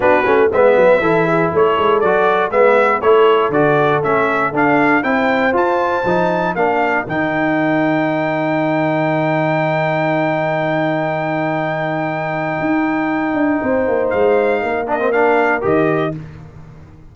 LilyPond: <<
  \new Staff \with { instrumentName = "trumpet" } { \time 4/4 \tempo 4 = 119 b'4 e''2 cis''4 | d''4 e''4 cis''4 d''4 | e''4 f''4 g''4 a''4~ | a''4 f''4 g''2~ |
g''1~ | g''1~ | g''1 | f''4. dis''8 f''4 dis''4 | }
  \new Staff \with { instrumentName = "horn" } { \time 4/4 fis'4 b'4 a'8 gis'8 a'4~ | a'4 b'4 a'2~ | a'2 c''2~ | c''4 ais'2.~ |
ais'1~ | ais'1~ | ais'2. c''4~ | c''4 ais'2. | }
  \new Staff \with { instrumentName = "trombone" } { \time 4/4 d'8 cis'8 b4 e'2 | fis'4 b4 e'4 fis'4 | cis'4 d'4 e'4 f'4 | dis'4 d'4 dis'2~ |
dis'1~ | dis'1~ | dis'1~ | dis'4. d'16 c'16 d'4 g'4 | }
  \new Staff \with { instrumentName = "tuba" } { \time 4/4 b8 a8 gis8 fis8 e4 a8 gis8 | fis4 gis4 a4 d4 | a4 d'4 c'4 f'4 | f4 ais4 dis2~ |
dis1~ | dis1~ | dis4 dis'4. d'8 c'8 ais8 | gis4 ais2 dis4 | }
>>